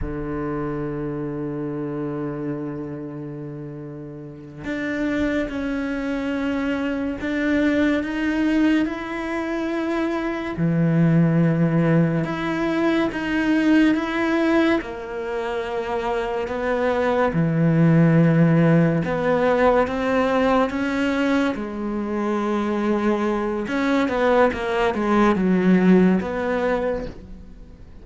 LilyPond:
\new Staff \with { instrumentName = "cello" } { \time 4/4 \tempo 4 = 71 d1~ | d4. d'4 cis'4.~ | cis'8 d'4 dis'4 e'4.~ | e'8 e2 e'4 dis'8~ |
dis'8 e'4 ais2 b8~ | b8 e2 b4 c'8~ | c'8 cis'4 gis2~ gis8 | cis'8 b8 ais8 gis8 fis4 b4 | }